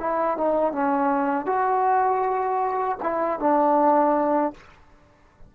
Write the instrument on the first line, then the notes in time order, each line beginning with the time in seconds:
trombone
0.00 E4
0.38 D#4
0.72 C#4
1.47 F#4
3.03 E4
3.40 D4